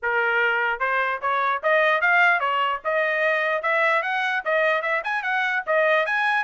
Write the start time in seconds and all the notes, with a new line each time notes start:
0.02 A#4
0.79 C5
1.21 C#5
1.62 D#5
2.01 F5
2.39 C#5
2.84 D#5
3.62 E5
4.02 F#5
4.45 D#5
4.82 E5
5.04 G#5
5.22 F#5
5.66 D#5
6.05 G#5